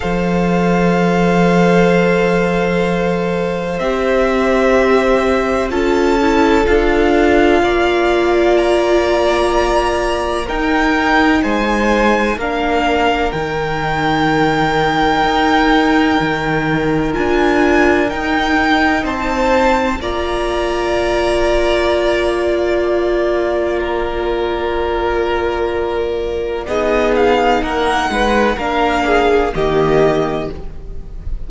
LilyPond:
<<
  \new Staff \with { instrumentName = "violin" } { \time 4/4 \tempo 4 = 63 f''1 | e''2 a''4 f''4~ | f''4 ais''2 g''4 | gis''4 f''4 g''2~ |
g''2 gis''4 g''4 | a''4 ais''2. | d''1 | dis''8 f''8 fis''4 f''4 dis''4 | }
  \new Staff \with { instrumentName = "violin" } { \time 4/4 c''1~ | c''2 a'2 | d''2. ais'4 | c''4 ais'2.~ |
ais'1 | c''4 d''2.~ | d''4 ais'2. | gis'4 ais'8 b'8 ais'8 gis'8 g'4 | }
  \new Staff \with { instrumentName = "viola" } { \time 4/4 a'1 | g'2 f'8 e'8 f'4~ | f'2. dis'4~ | dis'4 d'4 dis'2~ |
dis'2 f'4 dis'4~ | dis'4 f'2.~ | f'1 | dis'2 d'4 ais4 | }
  \new Staff \with { instrumentName = "cello" } { \time 4/4 f1 | c'2 cis'4 d'4 | ais2. dis'4 | gis4 ais4 dis2 |
dis'4 dis4 d'4 dis'4 | c'4 ais2.~ | ais1 | b4 ais8 gis8 ais4 dis4 | }
>>